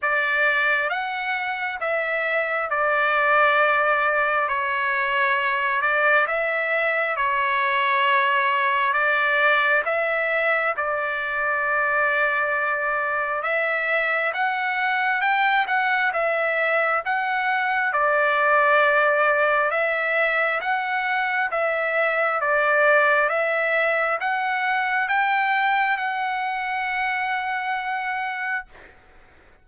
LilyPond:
\new Staff \with { instrumentName = "trumpet" } { \time 4/4 \tempo 4 = 67 d''4 fis''4 e''4 d''4~ | d''4 cis''4. d''8 e''4 | cis''2 d''4 e''4 | d''2. e''4 |
fis''4 g''8 fis''8 e''4 fis''4 | d''2 e''4 fis''4 | e''4 d''4 e''4 fis''4 | g''4 fis''2. | }